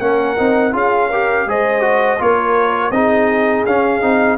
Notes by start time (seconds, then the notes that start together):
0.00 A#3 C#4 A#4 F#5
0.37 C4 D#4
0.72 C#4 F4 G#4 F5
1.10 G4 A#4
1.46 G#3 G#4 C5 D#5
1.81 F#4
2.18 A#3 F4 A#4 C#5
2.91 C4 D#4 G#4 D#5
3.66 C#4 F5
4.01 C4 D#4